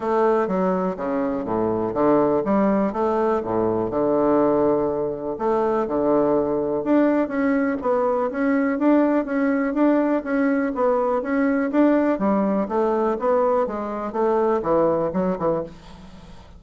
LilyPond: \new Staff \with { instrumentName = "bassoon" } { \time 4/4 \tempo 4 = 123 a4 fis4 cis4 a,4 | d4 g4 a4 a,4 | d2. a4 | d2 d'4 cis'4 |
b4 cis'4 d'4 cis'4 | d'4 cis'4 b4 cis'4 | d'4 g4 a4 b4 | gis4 a4 e4 fis8 e8 | }